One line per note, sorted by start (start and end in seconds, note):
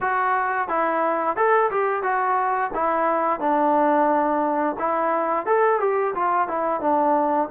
0.01 0.68 F#4
0.68 1.36 E4
1.36 1.70 A4
1.70 2.02 G4
2.02 2.71 F#4
2.74 3.40 E4
3.40 4.76 D4
4.78 5.46 E4
5.46 5.80 A4
5.80 6.14 G4
6.14 6.48 F4
6.48 6.80 E4
6.80 7.48 D4